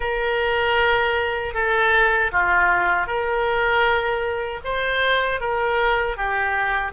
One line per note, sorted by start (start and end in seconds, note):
0.00 1.54 A#4
1.54 2.31 A4
2.32 3.06 F4
3.06 4.60 A#4
4.64 5.40 C5
5.40 6.16 A#4
6.16 6.92 G4